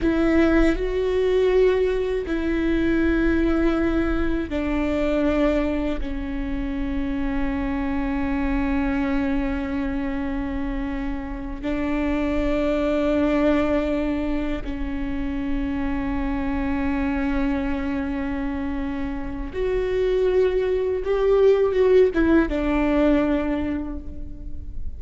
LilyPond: \new Staff \with { instrumentName = "viola" } { \time 4/4 \tempo 4 = 80 e'4 fis'2 e'4~ | e'2 d'2 | cis'1~ | cis'2.~ cis'8 d'8~ |
d'2.~ d'8 cis'8~ | cis'1~ | cis'2 fis'2 | g'4 fis'8 e'8 d'2 | }